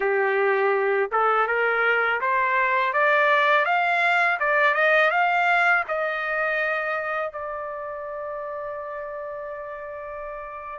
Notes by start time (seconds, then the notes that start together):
0.00 G4
1.11 A4
1.47 A#4
2.21 C5
2.93 D5
3.65 F5
4.39 D5
4.74 D#5
5.11 F5
5.87 D#5
7.32 D5